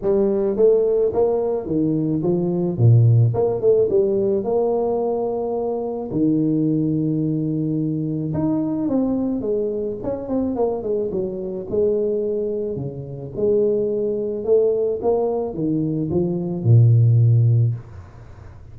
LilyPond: \new Staff \with { instrumentName = "tuba" } { \time 4/4 \tempo 4 = 108 g4 a4 ais4 dis4 | f4 ais,4 ais8 a8 g4 | ais2. dis4~ | dis2. dis'4 |
c'4 gis4 cis'8 c'8 ais8 gis8 | fis4 gis2 cis4 | gis2 a4 ais4 | dis4 f4 ais,2 | }